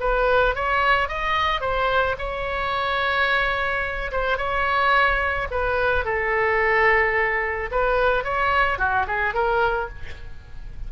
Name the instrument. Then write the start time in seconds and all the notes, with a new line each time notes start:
oboe
0.00 B4
0.55 C#5
1.09 D#5
1.61 C5
2.18 C#5
4.12 C5
4.37 C#5
5.51 B4
6.05 A4
7.71 B4
8.24 C#5
8.78 F#4
9.07 G#4
9.34 A#4